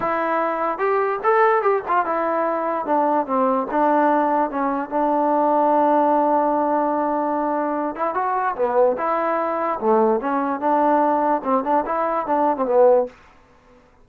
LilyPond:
\new Staff \with { instrumentName = "trombone" } { \time 4/4 \tempo 4 = 147 e'2 g'4 a'4 | g'8 f'8 e'2 d'4 | c'4 d'2 cis'4 | d'1~ |
d'2.~ d'8 e'8 | fis'4 b4 e'2 | a4 cis'4 d'2 | c'8 d'8 e'4 d'8. c'16 b4 | }